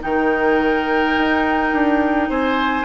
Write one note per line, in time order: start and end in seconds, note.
0.00 1.17 D#3
0.00 2.85 D#4
0.00 2.29 A#4
0.00 2.30 G5
1.17 1.72 D#4
1.72 2.29 D4
2.29 2.85 C4
2.29 2.85 C5
2.29 2.85 G#5